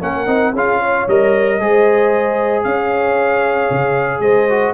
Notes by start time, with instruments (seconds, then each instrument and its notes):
0.00 tuba A#3, trombone C#4, horn A#4, trumpet F#5
0.26 tuba C4, trombone D#4
0.53 tuba C#4, trombone F4, horn G#4, trumpet F5
0.78 horn C#5
1.07 tuba G3, trombone A#4, trumpet D#5
1.59 tuba G#3, trombone G#4, horn C5
2.63 tuba C#4, horn C#5, trumpet F5
3.70 tuba C#3
4.19 tuba G#3, horn C5, trumpet D#5
4.49 trombone F#4